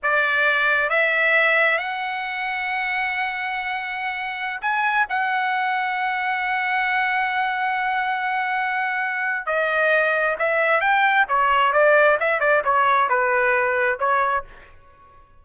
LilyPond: \new Staff \with { instrumentName = "trumpet" } { \time 4/4 \tempo 4 = 133 d''2 e''2 | fis''1~ | fis''2~ fis''16 gis''4 fis''8.~ | fis''1~ |
fis''1~ | fis''4 dis''2 e''4 | g''4 cis''4 d''4 e''8 d''8 | cis''4 b'2 cis''4 | }